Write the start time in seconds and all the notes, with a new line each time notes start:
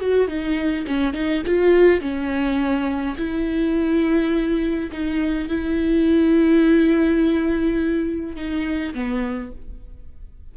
0.00 F#4
0.28 D#4
0.87 C#4
1.14 D#4
1.46 F4
2.01 C#4
3.18 E4
4.92 D#4
5.49 E4
8.36 D#4
8.94 B3